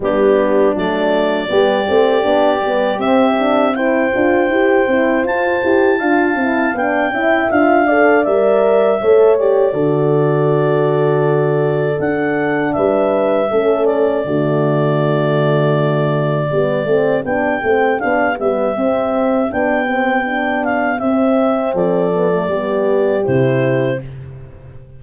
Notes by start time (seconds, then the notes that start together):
0.00 G3 B3 D4 G4
0.75 F#3 A3 D5
1.48 G3 B3 G4
1.88 A3 C4
2.22 B3 D4
2.61 G3 B3
2.98 C4 E5
3.39 D4
3.75 E4 C5 G5
4.14 D4 F4
4.48 E4 G4
4.87 C4 E4
5.23 F4 A5
5.63 E4 G4
5.99 D4 F4 F5
6.35 C4 E4
6.74 B3 D4 G5
7.09 C#4 E4 E5
7.50 D4 F4 F5
7.87 A4 D5
8.24 G3 A#4 E5
9.01 A3 A4 C#5
9.38 G4 D5
9.71 D3 F#4 A4
11.99 D4 F#5
12.73 G3 B4 E5
13.50 A3 C#4 A4
13.85 D5
14.25 D3 A3 F#4
16.50 G3 B3 G4
16.85 A3 C4
17.24 B3 D4 G5
17.62 A3 C4
17.99 B3 D4 F5
18.39 G3 B3 E5
18.76 C4
19.48 B3 D4 G5
19.86 C4
20.25 D4
20.64 F5
20.99 C4 E5
21.73 F3 A4 D5
22.14 B3
22.30 A3
22.47 G3 B3 G4
23.24 C3 E4 C5